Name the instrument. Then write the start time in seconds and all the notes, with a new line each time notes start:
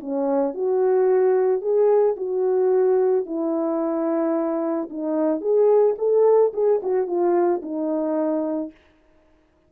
horn
0.00 C#4
0.54 F#4
1.61 G#4
2.16 F#4
3.26 E4
4.89 D#4
5.40 G#4
5.98 A4
6.53 G#4
6.82 F#4
7.07 F4
7.62 D#4